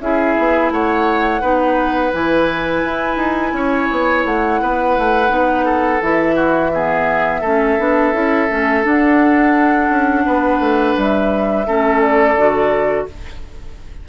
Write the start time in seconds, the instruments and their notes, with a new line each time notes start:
0.00 bassoon C#4, clarinet E4, oboe G#4, flute E5
0.38 bassoon B3
0.70 bassoon A3, oboe C#5, flute F#5
1.41 bassoon B3, clarinet D#4, oboe B4
2.12 bassoon E3, clarinet E4, flute G#5
2.84 bassoon E4
3.16 bassoon D#4
3.52 bassoon C#4, oboe C#5
3.91 bassoon B3
4.25 bassoon A3, flute F#5
4.61 bassoon B3, oboe B4
4.98 bassoon A3
5.28 bassoon B3, clarinet D#4
5.65 oboe A4
6.02 bassoon E3, clarinet E4, flute E5
6.35 oboe F#4
6.73 clarinet B3, oboe G#4
7.41 bassoon A3, clarinet C#4, oboe A4
7.79 bassoon B3, clarinet D4
8.13 bassoon C#4, clarinet E4
8.49 bassoon A3, clarinet C#4
8.83 clarinet D4, bassoon D4, flute F#5
9.89 bassoon C#4
10.26 bassoon B3, oboe B4
10.59 bassoon A3
10.97 bassoon G3, flute E5
11.66 bassoon A3, clarinet C#4, oboe A4
12.00 flute D5
12.36 bassoon D3, clarinet F#4